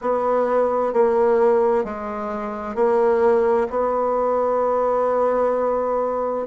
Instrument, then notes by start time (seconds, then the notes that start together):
bassoon
0.01 B3
0.93 A#3
1.84 G#3
2.74 A#3
3.70 B3